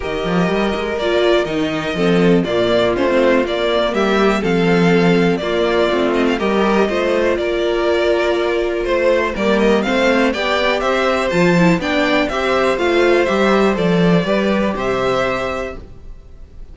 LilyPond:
<<
  \new Staff \with { instrumentName = "violin" } { \time 4/4 \tempo 4 = 122 dis''2 d''4 dis''4~ | dis''4 d''4 c''4 d''4 | e''4 f''2 d''4~ | d''8 dis''16 f''16 dis''2 d''4~ |
d''2 c''4 d''8 dis''8 | f''4 g''4 e''4 a''4 | g''4 e''4 f''4 e''4 | d''2 e''2 | }
  \new Staff \with { instrumentName = "violin" } { \time 4/4 ais'1 | a'4 f'2. | g'4 a'2 f'4~ | f'4 ais'4 c''4 ais'4~ |
ais'2 c''4 ais'4 | c''4 d''4 c''2 | d''4 c''2.~ | c''4 b'4 c''2 | }
  \new Staff \with { instrumentName = "viola" } { \time 4/4 g'2 f'4 dis'4 | c'4 ais4 cis'16 c'8. ais4~ | ais4 c'2 ais4 | c'4 g'4 f'2~ |
f'2. ais4 | c'4 g'2 f'8 e'8 | d'4 g'4 f'4 g'4 | a'4 g'2. | }
  \new Staff \with { instrumentName = "cello" } { \time 4/4 dis8 f8 g8 gis8 ais4 dis4 | f4 ais,4 a4 ais4 | g4 f2 ais4 | a4 g4 a4 ais4~ |
ais2 a4 g4 | a4 b4 c'4 f4 | b4 c'4 a4 g4 | f4 g4 c2 | }
>>